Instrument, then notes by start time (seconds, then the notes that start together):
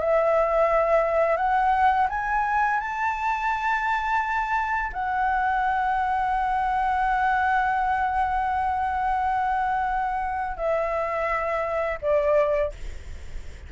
flute
0.00 E5
1.37 F#5
2.10 G#5
2.80 A5
4.93 F#5
10.57 E5
12.02 D5